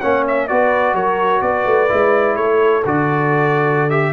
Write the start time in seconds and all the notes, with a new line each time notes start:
0.00 A#3 C#4 C#5 F#5
0.28 E5
0.47 B3 F#4 B4 D5
0.94 F#3 A#4 C#5
1.41 B3 B4 D5
1.66 A3
1.89 G#3 E4
2.36 A3 A4 C#5
2.85 D3 F#4 D5
3.90 G4 E5